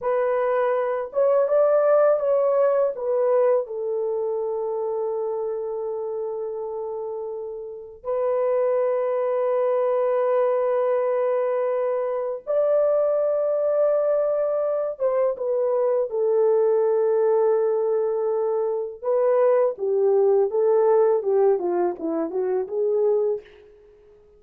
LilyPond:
\new Staff \with { instrumentName = "horn" } { \time 4/4 \tempo 4 = 82 b'4. cis''8 d''4 cis''4 | b'4 a'2.~ | a'2. b'4~ | b'1~ |
b'4 d''2.~ | d''8 c''8 b'4 a'2~ | a'2 b'4 g'4 | a'4 g'8 f'8 e'8 fis'8 gis'4 | }